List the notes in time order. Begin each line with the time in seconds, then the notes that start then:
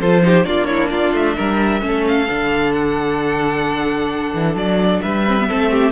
0.00 F3 F4 A4 C5
0.22 D#4 G4
0.44 A#3 D4 F4 D5
0.65 E4 C#5
0.90 F4 D5
1.14 A3 E5
1.36 G3 A#4
1.81 A3 C#4 A4
2.07 F5
2.29 D3 D4
2.73 F#5
4.34 E3
4.55 F#3 D5
5.02 G3 B4 E5
5.26 C4
5.40 B3
5.48 A3 C4 A4
5.71 G4